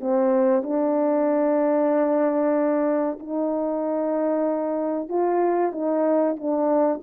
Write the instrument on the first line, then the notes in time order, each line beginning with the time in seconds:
horn
0.00 C4
0.62 D4
3.19 D#4
5.08 F4
5.72 D#4
6.36 D4